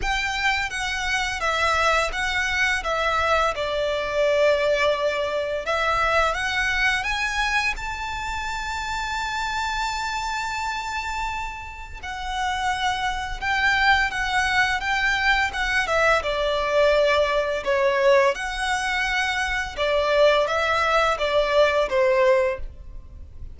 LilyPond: \new Staff \with { instrumentName = "violin" } { \time 4/4 \tempo 4 = 85 g''4 fis''4 e''4 fis''4 | e''4 d''2. | e''4 fis''4 gis''4 a''4~ | a''1~ |
a''4 fis''2 g''4 | fis''4 g''4 fis''8 e''8 d''4~ | d''4 cis''4 fis''2 | d''4 e''4 d''4 c''4 | }